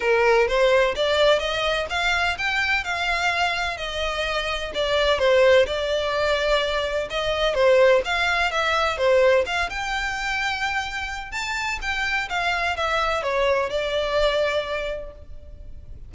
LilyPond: \new Staff \with { instrumentName = "violin" } { \time 4/4 \tempo 4 = 127 ais'4 c''4 d''4 dis''4 | f''4 g''4 f''2 | dis''2 d''4 c''4 | d''2. dis''4 |
c''4 f''4 e''4 c''4 | f''8 g''2.~ g''8 | a''4 g''4 f''4 e''4 | cis''4 d''2. | }